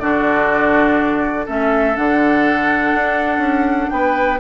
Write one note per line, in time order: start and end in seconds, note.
0.00 1.47 D3
0.00 1.47 D4
0.00 1.46 F#4
0.00 1.46 D5
1.46 1.98 A3
1.46 1.96 C#4
1.46 3.90 A4
1.46 1.97 E5
1.96 2.94 D3
1.96 4.40 D4
1.96 3.90 F#5
2.94 3.38 D4
3.38 3.87 C#4
3.90 4.40 B3
3.90 4.40 B4
3.90 4.39 G5